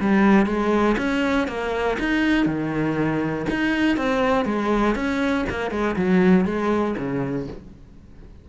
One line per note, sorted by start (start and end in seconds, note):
0.00 0.46 G3
0.46 0.96 G#3
0.98 1.48 C#4
1.48 1.98 A#3
1.99 2.46 D#4
2.46 3.46 D#3
3.50 3.97 D#4
3.97 4.45 C4
4.45 4.95 G#3
4.95 5.45 C#4
5.50 5.71 A#3
5.71 5.96 G#3
5.96 6.45 F#3
6.45 6.95 G#3
6.98 7.48 C#3